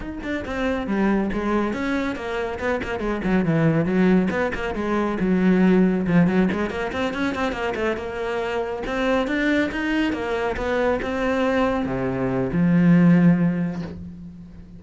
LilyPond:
\new Staff \with { instrumentName = "cello" } { \time 4/4 \tempo 4 = 139 dis'8 d'8 c'4 g4 gis4 | cis'4 ais4 b8 ais8 gis8 fis8 | e4 fis4 b8 ais8 gis4 | fis2 f8 fis8 gis8 ais8 |
c'8 cis'8 c'8 ais8 a8 ais4.~ | ais8 c'4 d'4 dis'4 ais8~ | ais8 b4 c'2 c8~ | c4 f2. | }